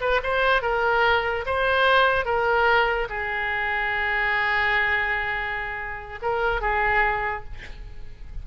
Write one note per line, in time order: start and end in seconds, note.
0.00 0.21 B4
0.23 0.62 C5
0.62 1.44 A#4
1.46 2.25 C5
2.25 3.08 A#4
3.09 6.19 G#4
6.22 6.61 A#4
6.61 7.44 G#4